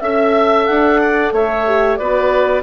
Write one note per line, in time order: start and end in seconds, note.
0.00 0.68 C#4
0.00 1.66 A4
0.00 0.66 E5
0.00 1.01 E5
0.66 1.32 D4
0.66 1.32 F#5
1.01 1.33 D5
1.32 1.98 A3
1.32 1.99 C#5
1.32 1.97 E5
1.66 1.99 G4
1.97 2.63 B3
1.97 2.63 F#4
1.97 2.63 B4
1.97 2.62 D5